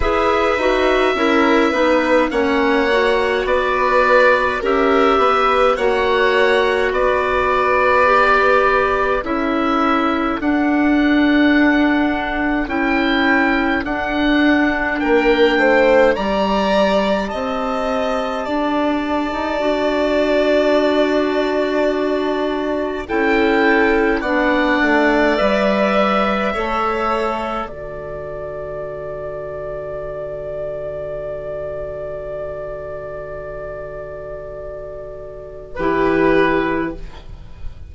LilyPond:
<<
  \new Staff \with { instrumentName = "oboe" } { \time 4/4 \tempo 4 = 52 e''2 fis''4 d''4 | e''4 fis''4 d''2 | e''4 fis''2 g''4 | fis''4 g''4 ais''4 a''4~ |
a''1 | g''4 fis''4 e''2 | d''1~ | d''2. b'4 | }
  \new Staff \with { instrumentName = "violin" } { \time 4/4 b'4 ais'8 b'8 cis''4 b'4 | ais'8 b'8 cis''4 b'2 | a'1~ | a'4 ais'8 c''8 d''4 dis''4 |
d''1 | a'4 d''2 cis''4 | a'1~ | a'2. g'4 | }
  \new Staff \with { instrumentName = "clarinet" } { \time 4/4 gis'8 fis'8 e'8 dis'8 cis'8 fis'4. | g'4 fis'2 g'4 | e'4 d'2 e'4 | d'2 g'2~ |
g'4 fis'2. | e'4 d'4 b'4 a'4 | fis'1~ | fis'2. e'4 | }
  \new Staff \with { instrumentName = "bassoon" } { \time 4/4 e'8 dis'8 cis'8 b8 ais4 b4 | cis'8 b8 ais4 b2 | cis'4 d'2 cis'4 | d'4 ais8 a8 g4 c'4 |
d'8. dis'16 d'2. | cis'4 b8 a8 g4 a4 | d1~ | d2. e4 | }
>>